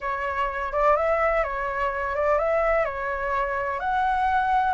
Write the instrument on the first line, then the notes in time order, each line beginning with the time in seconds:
flute
0.00 C#5
0.72 D5
0.96 E5
1.43 C#5
2.15 D5
2.38 E5
2.84 C#5
3.79 F#5